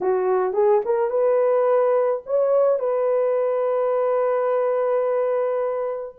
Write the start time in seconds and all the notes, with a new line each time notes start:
0.01 F#4
0.53 G#4
0.85 A#4
1.10 B4
2.26 C#5
2.79 B4